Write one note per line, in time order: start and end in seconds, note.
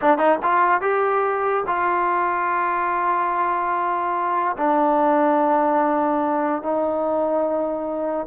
0.01 0.18 D4
0.18 0.38 D#4
0.43 0.81 F4
0.81 1.63 G4
1.66 4.56 F4
4.57 6.62 D4
6.62 8.26 D#4